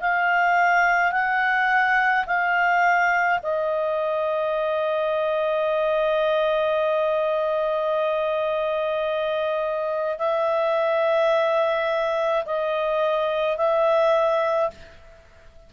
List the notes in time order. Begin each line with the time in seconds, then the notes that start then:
0.00 F5
1.11 F#5
2.26 F5
3.42 D#5
10.18 E5
12.45 D#5
13.57 E5